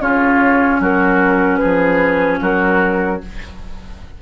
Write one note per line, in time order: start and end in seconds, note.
0.00 0.79 C#3
0.00 3.21 C#4
0.00 0.81 F4
0.00 0.81 C#5
0.79 1.59 F#3
0.79 1.59 F#4
0.79 1.57 A#4
1.57 2.39 G#4
1.57 2.37 B4
1.63 2.41 F3
2.41 3.21 F#3
2.41 3.21 F#4
2.41 3.22 A#4